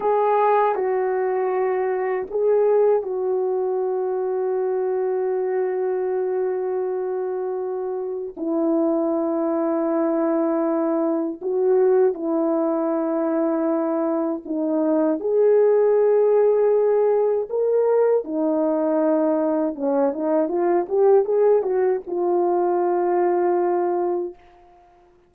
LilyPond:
\new Staff \with { instrumentName = "horn" } { \time 4/4 \tempo 4 = 79 gis'4 fis'2 gis'4 | fis'1~ | fis'2. e'4~ | e'2. fis'4 |
e'2. dis'4 | gis'2. ais'4 | dis'2 cis'8 dis'8 f'8 g'8 | gis'8 fis'8 f'2. | }